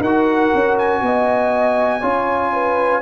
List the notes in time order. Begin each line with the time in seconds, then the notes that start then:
0.00 D#4 F#4 A#4 F#5
0.54 C#4
0.79 G#5
1.02 B3 D#5
2.01 C#4 F4 C#5
2.53 B4